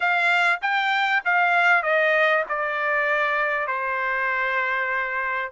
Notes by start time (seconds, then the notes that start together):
0.00 F5
0.61 G5
1.24 F5
1.82 D#5
2.48 D5
3.67 C5